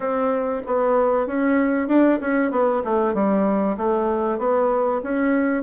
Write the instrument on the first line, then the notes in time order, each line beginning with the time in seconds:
bassoon
0.00 C4
0.66 B3
1.27 C#4
1.88 D4
2.20 C#4
2.51 B3
2.84 A3
3.14 G3
3.77 A3
4.38 B3
5.03 C#4